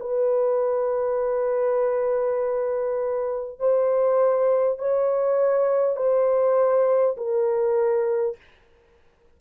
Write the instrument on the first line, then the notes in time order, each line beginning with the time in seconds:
horn
0.00 B4
3.59 C5
4.78 C#5
5.96 C5
7.17 A#4